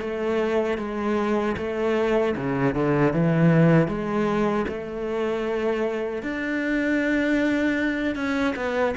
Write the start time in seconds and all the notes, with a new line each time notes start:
0.00 A3
0.78 G#3
1.57 A3
2.36 C#3
2.74 D3
3.12 E3
3.87 G#3
4.68 A3
6.22 D4
8.15 C#4
8.55 B3